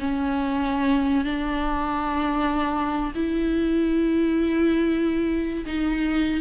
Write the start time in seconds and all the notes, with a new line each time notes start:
0.00 C#4
1.25 D4
3.15 E4
5.66 D#4